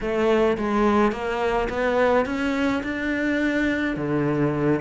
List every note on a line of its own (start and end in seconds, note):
0.00 0.57 A3
0.57 1.12 G#3
1.12 1.68 A#3
1.69 2.25 B3
2.25 2.82 C#4
2.83 3.96 D4
3.96 4.80 D3